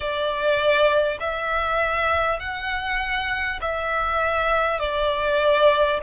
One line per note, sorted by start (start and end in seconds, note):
0.00 1.17 D5
1.19 2.39 E5
2.39 3.59 F#5
3.61 4.79 E5
4.79 5.99 D5